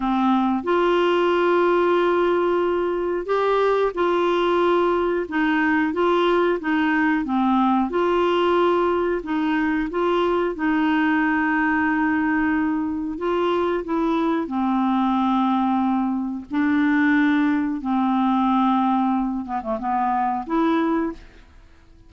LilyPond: \new Staff \with { instrumentName = "clarinet" } { \time 4/4 \tempo 4 = 91 c'4 f'2.~ | f'4 g'4 f'2 | dis'4 f'4 dis'4 c'4 | f'2 dis'4 f'4 |
dis'1 | f'4 e'4 c'2~ | c'4 d'2 c'4~ | c'4. b16 a16 b4 e'4 | }